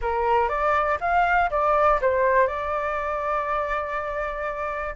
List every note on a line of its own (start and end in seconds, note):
0.01 0.48 A#4
0.48 0.98 D5
1.00 1.49 F5
1.50 1.99 D5
2.01 2.47 C5
2.47 4.95 D5